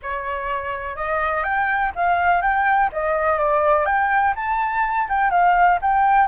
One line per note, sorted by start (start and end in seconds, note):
0.02 0.96 C#5
0.96 1.43 D#5
1.43 1.91 G5
1.95 2.41 F5
2.41 2.89 G5
2.92 3.38 D#5
3.38 3.85 D5
3.85 4.34 G5
4.35 5.08 A5
5.08 5.30 G5
5.30 5.78 F5
5.81 6.27 G5